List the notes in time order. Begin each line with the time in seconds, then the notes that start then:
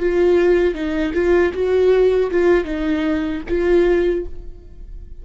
0.00 F4
0.75 D#4
1.14 F4
1.54 F#4
2.31 F4
2.65 D#4
3.49 F4